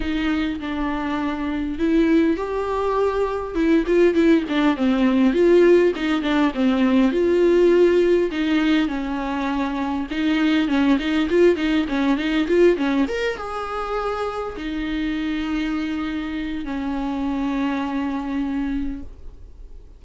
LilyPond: \new Staff \with { instrumentName = "viola" } { \time 4/4 \tempo 4 = 101 dis'4 d'2 e'4 | g'2 e'8 f'8 e'8 d'8 | c'4 f'4 dis'8 d'8 c'4 | f'2 dis'4 cis'4~ |
cis'4 dis'4 cis'8 dis'8 f'8 dis'8 | cis'8 dis'8 f'8 cis'8 ais'8 gis'4.~ | gis'8 dis'2.~ dis'8 | cis'1 | }